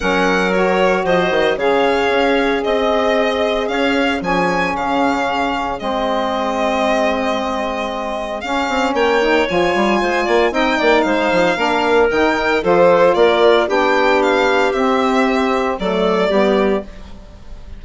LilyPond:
<<
  \new Staff \with { instrumentName = "violin" } { \time 4/4 \tempo 4 = 114 fis''4 cis''4 dis''4 f''4~ | f''4 dis''2 f''4 | gis''4 f''2 dis''4~ | dis''1 |
f''4 g''4 gis''2 | g''4 f''2 g''4 | c''4 d''4 g''4 f''4 | e''2 d''2 | }
  \new Staff \with { instrumentName = "clarinet" } { \time 4/4 ais'2 c''4 cis''4~ | cis''4 dis''2 cis''4 | gis'1~ | gis'1~ |
gis'4 cis''2 c''8 d''8 | dis''8 d''8 c''4 ais'2 | a'4 ais'4 g'2~ | g'2 a'4 g'4 | }
  \new Staff \with { instrumentName = "saxophone" } { \time 4/4 cis'4 fis'2 gis'4~ | gis'1 | cis'2. c'4~ | c'1 |
cis'4. dis'8 f'2 | dis'2 d'4 dis'4 | f'2 d'2 | c'2 a4 b4 | }
  \new Staff \with { instrumentName = "bassoon" } { \time 4/4 fis2 f8 dis8 cis4 | cis'4 c'2 cis'4 | f4 cis2 gis4~ | gis1 |
cis'8 c'8 ais4 f8 g8 gis8 ais8 | c'8 ais8 gis8 f8 ais4 dis4 | f4 ais4 b2 | c'2 fis4 g4 | }
>>